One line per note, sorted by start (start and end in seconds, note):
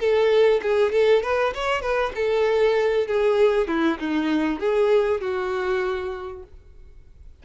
0.00 0.61 A4
0.63 0.92 G#4
0.92 1.23 A4
1.23 1.54 B4
1.55 1.82 C#5
1.82 2.13 B4
2.16 3.08 A4
3.08 3.68 G#4
3.68 3.99 E4
4.00 4.60 D#4
4.60 5.21 G#4
5.21 6.43 F#4